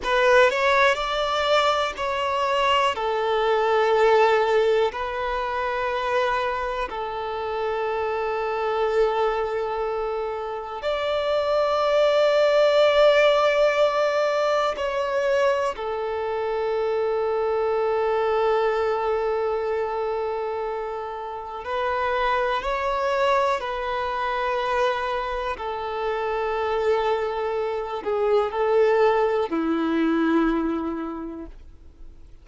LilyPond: \new Staff \with { instrumentName = "violin" } { \time 4/4 \tempo 4 = 61 b'8 cis''8 d''4 cis''4 a'4~ | a'4 b'2 a'4~ | a'2. d''4~ | d''2. cis''4 |
a'1~ | a'2 b'4 cis''4 | b'2 a'2~ | a'8 gis'8 a'4 e'2 | }